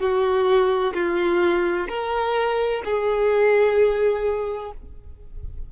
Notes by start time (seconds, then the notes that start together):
0.00 F#4
0.94 F4
1.89 A#4
2.85 G#4